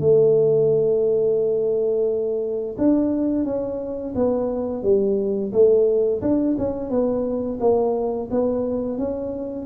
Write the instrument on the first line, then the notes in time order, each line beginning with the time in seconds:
tuba
0.00 A3
2.78 D4
3.45 C#4
4.15 B3
4.83 G3
5.52 A3
6.21 D4
6.58 C#4
6.90 B3
7.60 A#3
8.31 B3
8.98 C#4